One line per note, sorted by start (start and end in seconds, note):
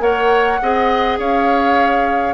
0.00 0.59 A#3
0.00 0.58 A#4
0.00 0.61 C#5
0.00 1.18 F#5
0.62 1.19 C4
0.62 2.34 G#4
0.62 1.19 D#5
1.19 2.34 C#4
1.19 2.34 C#5
1.19 2.34 F5